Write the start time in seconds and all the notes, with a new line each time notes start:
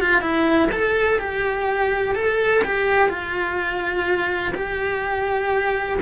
0.00 F4
0.21 E4
0.71 A4
1.19 G4
2.15 A4
2.64 G4
3.09 F4
4.54 G4